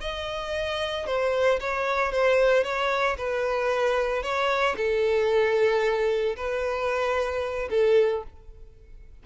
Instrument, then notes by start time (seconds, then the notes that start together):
violin
0.00 D#5
1.06 C5
1.60 C#5
2.12 C5
2.64 C#5
3.17 B4
4.22 C#5
4.76 A4
6.36 B4
7.70 A4